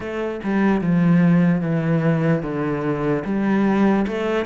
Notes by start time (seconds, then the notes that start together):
0.00 A3
0.43 G3
0.81 F3
1.61 E3
2.42 D3
3.24 G3
4.07 A3